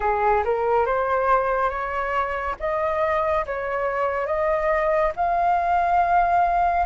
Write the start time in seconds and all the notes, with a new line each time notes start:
0.00 G#4
0.44 A#4
0.86 C5
1.69 C#5
2.59 D#5
3.46 C#5
4.26 D#5
5.15 F5